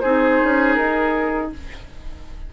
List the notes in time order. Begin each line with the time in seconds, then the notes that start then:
0.00 C4 D#4 G#4 C5
0.44 C#4
0.74 D#4 A#4